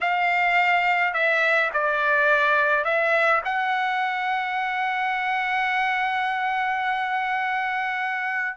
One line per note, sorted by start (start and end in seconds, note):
0.00 1.13 F5
1.13 1.70 E5
1.73 2.84 D5
2.84 3.41 E5
3.44 8.56 F#5